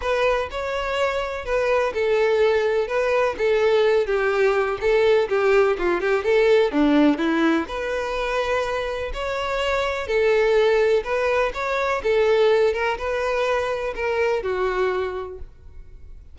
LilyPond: \new Staff \with { instrumentName = "violin" } { \time 4/4 \tempo 4 = 125 b'4 cis''2 b'4 | a'2 b'4 a'4~ | a'8 g'4. a'4 g'4 | f'8 g'8 a'4 d'4 e'4 |
b'2. cis''4~ | cis''4 a'2 b'4 | cis''4 a'4. ais'8 b'4~ | b'4 ais'4 fis'2 | }